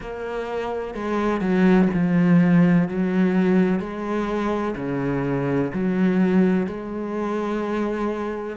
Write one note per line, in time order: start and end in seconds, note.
0.00 0.94 A#3
0.94 1.40 G#3
1.40 1.88 F#3
1.93 2.88 F3
2.88 3.79 F#3
3.79 4.74 G#3
4.76 5.71 C#3
5.73 6.66 F#3
6.66 8.56 G#3